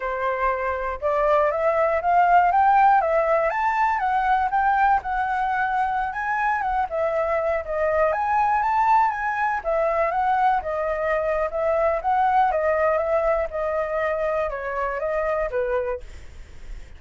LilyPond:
\new Staff \with { instrumentName = "flute" } { \time 4/4 \tempo 4 = 120 c''2 d''4 e''4 | f''4 g''4 e''4 a''4 | fis''4 g''4 fis''2~ | fis''16 gis''4 fis''8 e''4. dis''8.~ |
dis''16 gis''4 a''4 gis''4 e''8.~ | e''16 fis''4 dis''4.~ dis''16 e''4 | fis''4 dis''4 e''4 dis''4~ | dis''4 cis''4 dis''4 b'4 | }